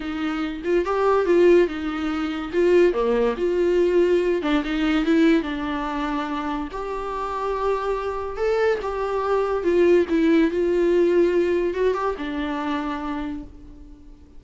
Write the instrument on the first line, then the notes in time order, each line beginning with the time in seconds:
viola
0.00 D#4
0.64 F4
0.85 G4
1.25 F4
1.67 D#4
2.52 F4
2.93 A#3
3.37 F4
4.42 D4
4.64 D#4
5.05 E4
5.42 D4
6.71 G4
8.36 A4
8.81 G4
9.63 F4
10.09 E4
10.50 F4
11.74 F#4
11.94 G4
12.17 D4